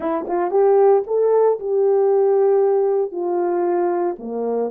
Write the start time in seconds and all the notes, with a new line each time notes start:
0.00 E4
0.27 F4
0.51 G4
1.06 A4
1.59 G4
3.11 F4
4.19 A#3